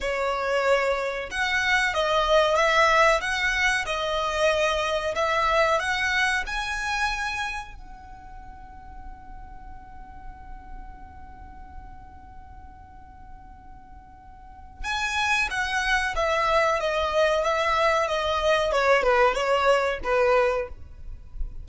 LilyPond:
\new Staff \with { instrumentName = "violin" } { \time 4/4 \tempo 4 = 93 cis''2 fis''4 dis''4 | e''4 fis''4 dis''2 | e''4 fis''4 gis''2 | fis''1~ |
fis''1~ | fis''2. gis''4 | fis''4 e''4 dis''4 e''4 | dis''4 cis''8 b'8 cis''4 b'4 | }